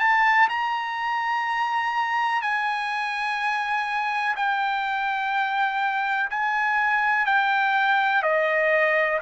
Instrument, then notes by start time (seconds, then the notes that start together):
trumpet
0.00 A5
0.49 A#5
2.42 G#5
4.36 G5
6.30 G#5
7.26 G5
8.23 D#5